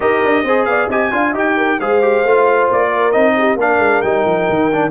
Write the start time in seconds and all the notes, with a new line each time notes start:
0.00 D#4 G4 A#4 D#5
0.24 D4
0.43 C4 G#4 C5
0.65 B3 D5 F5
0.88 C4 G4 D#5 G#5
1.11 D4 F4 F5
1.32 D#4 G4 D#5
1.38 G5
1.56 A#4
1.79 G#3 G#4 C5 F5
2.01 G4
2.24 A3 F4
2.70 A#3 D5
2.88 A#4
3.11 C4 D#4 D#5
3.37 G4
3.55 A#3 D4 A#4 F5
3.78 G#3
4.01 G3 D#4 G5
4.26 F3
4.49 D#3
4.72 D4